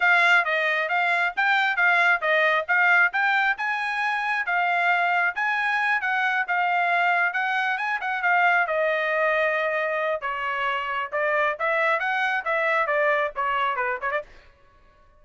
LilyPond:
\new Staff \with { instrumentName = "trumpet" } { \time 4/4 \tempo 4 = 135 f''4 dis''4 f''4 g''4 | f''4 dis''4 f''4 g''4 | gis''2 f''2 | gis''4. fis''4 f''4.~ |
f''8 fis''4 gis''8 fis''8 f''4 dis''8~ | dis''2. cis''4~ | cis''4 d''4 e''4 fis''4 | e''4 d''4 cis''4 b'8 cis''16 d''16 | }